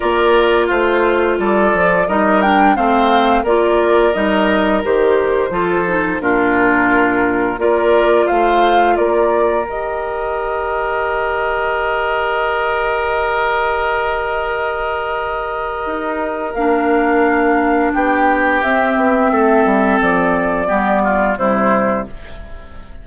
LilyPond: <<
  \new Staff \with { instrumentName = "flute" } { \time 4/4 \tempo 4 = 87 d''4 c''4 d''4 dis''8 g''8 | f''4 d''4 dis''4 c''4~ | c''4 ais'2 d''4 | f''4 d''4 dis''2~ |
dis''1~ | dis''1 | f''2 g''4 e''4~ | e''4 d''2 c''4 | }
  \new Staff \with { instrumentName = "oboe" } { \time 4/4 ais'4 f'4 a'4 ais'4 | c''4 ais'2. | a'4 f'2 ais'4 | c''4 ais'2.~ |
ais'1~ | ais'1~ | ais'2 g'2 | a'2 g'8 f'8 e'4 | }
  \new Staff \with { instrumentName = "clarinet" } { \time 4/4 f'2. dis'8 d'8 | c'4 f'4 dis'4 g'4 | f'8 dis'8 d'2 f'4~ | f'2 g'2~ |
g'1~ | g'1 | d'2. c'4~ | c'2 b4 g4 | }
  \new Staff \with { instrumentName = "bassoon" } { \time 4/4 ais4 a4 g8 f8 g4 | a4 ais4 g4 dis4 | f4 ais,2 ais4 | a4 ais4 dis2~ |
dis1~ | dis2. dis'4 | ais2 b4 c'8 b8 | a8 g8 f4 g4 c4 | }
>>